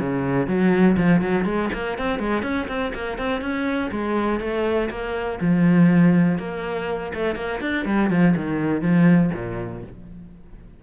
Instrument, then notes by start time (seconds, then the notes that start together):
cello
0.00 C#3
0.48 F#3
0.97 F3
1.22 F#3
1.46 G#3
1.74 A#3
1.99 C4
2.20 G#3
2.43 C#4
2.68 C4
2.95 A#3
3.19 C4
3.42 C#4
3.92 G#3
4.41 A3
4.90 A#3
5.41 F3
6.39 A#3
7.15 A3
7.36 A#3
7.61 D4
7.86 G3
8.11 F3
8.37 D#3
8.82 F3
9.34 A#2